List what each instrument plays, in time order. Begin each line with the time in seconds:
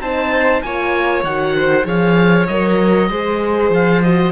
0.00 cello C4, horn D#4, violin C5, oboe A5
0.62 cello A#3, horn F4, violin C#5, oboe G#5
1.23 cello D#3, horn F#4, oboe F#5
1.56 violin C5
1.84 cello F3, horn G#4, violin C#5, oboe F5
2.47 cello F#3, horn A#4, oboe D#5
3.10 cello G#3, horn G#4, violin C5
3.69 cello F3, oboe F5
4.02 horn F#4, oboe D#5